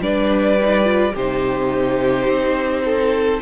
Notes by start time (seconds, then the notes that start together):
0.00 G3 D4 B4 D5
0.61 D#4
0.85 F4
1.13 C3 D#4 G4 C5
2.28 C4
2.85 A4